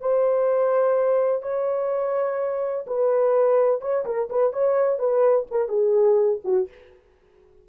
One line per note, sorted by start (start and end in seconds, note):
0.00 1.42 C5
1.42 2.85 C#5
2.86 3.81 B4
3.81 4.05 C#5
4.05 4.29 A#4
4.29 4.52 B4
4.52 4.98 C#5
4.98 5.46 B4
5.50 5.68 A#4
5.68 6.40 G#4
6.44 6.68 F#4